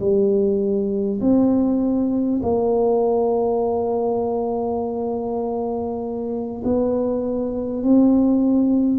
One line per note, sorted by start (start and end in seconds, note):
0.00 1.20 G3
1.21 2.41 C4
2.42 6.62 A#3
6.64 7.83 B3
7.83 8.99 C4